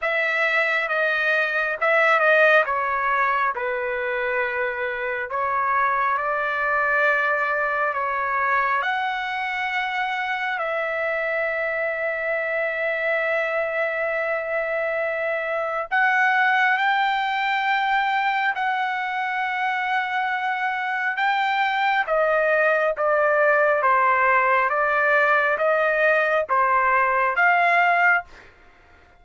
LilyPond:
\new Staff \with { instrumentName = "trumpet" } { \time 4/4 \tempo 4 = 68 e''4 dis''4 e''8 dis''8 cis''4 | b'2 cis''4 d''4~ | d''4 cis''4 fis''2 | e''1~ |
e''2 fis''4 g''4~ | g''4 fis''2. | g''4 dis''4 d''4 c''4 | d''4 dis''4 c''4 f''4 | }